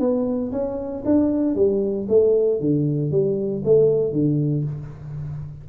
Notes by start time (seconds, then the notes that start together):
0.00 B3
0.52 C#4
1.05 D4
1.55 G3
2.09 A3
2.61 D3
3.11 G3
3.65 A3
4.12 D3